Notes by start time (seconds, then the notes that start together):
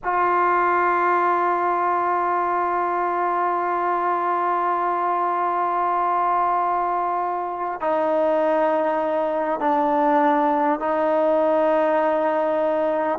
0.03 F4
7.81 D#4
9.59 D4
10.79 D#4